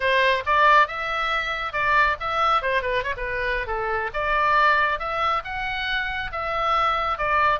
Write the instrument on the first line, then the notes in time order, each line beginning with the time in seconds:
oboe
0.00 C5
0.46 D5
0.87 E5
1.73 D5
2.20 E5
2.61 C5
2.82 B4
3.03 C#5
3.16 B4
3.67 A4
4.13 D5
4.99 E5
5.44 F#5
6.32 E5
7.17 D5